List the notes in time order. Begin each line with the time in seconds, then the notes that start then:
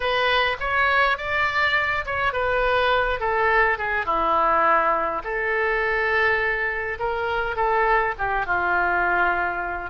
0.00 B4
0.60 C#5
1.17 D5
2.05 C#5
2.32 B4
3.20 A4
3.77 G#4
4.05 E4
5.23 A4
6.99 A#4
7.56 A4
8.18 G4
8.46 F4